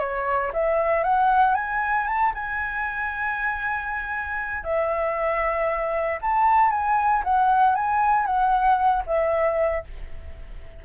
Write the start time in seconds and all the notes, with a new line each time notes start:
0.00 C#5
0.54 E5
1.04 F#5
1.55 G#5
2.07 A5
2.35 G#5
4.64 E5
6.22 A5
6.71 G#5
7.24 F#5
7.76 G#5
8.26 F#5
9.07 E5